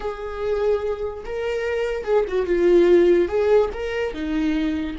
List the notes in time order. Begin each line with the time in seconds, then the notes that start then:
0.00 G#4
1.25 A#4
2.04 G#4
2.28 F#4
2.45 F4
3.28 G#4
3.73 A#4
4.13 D#4